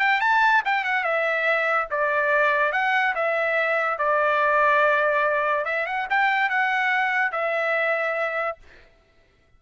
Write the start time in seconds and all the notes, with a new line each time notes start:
0.00 G5
0.21 A5
0.65 G5
0.84 F#5
1.04 E5
1.91 D5
2.73 F#5
3.16 E5
3.99 D5
5.66 E5
5.87 F#5
6.10 G5
6.50 F#5
7.32 E5